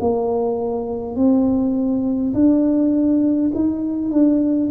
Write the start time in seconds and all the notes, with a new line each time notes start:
0.00 A#3
1.16 C4
2.34 D4
3.54 D#4
4.11 D4